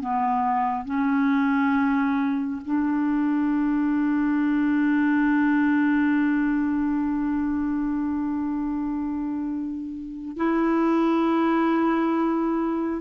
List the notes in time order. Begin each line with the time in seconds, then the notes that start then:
0.00 B3
0.85 C#4
2.66 D4
10.37 E4